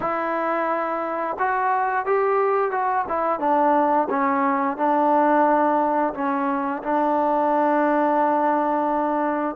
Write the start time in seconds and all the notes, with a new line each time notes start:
0.00 E4
1.38 F#4
2.05 G4
2.71 F#4
3.08 E4
3.39 D4
4.09 C#4
4.77 D4
6.14 C#4
6.82 D4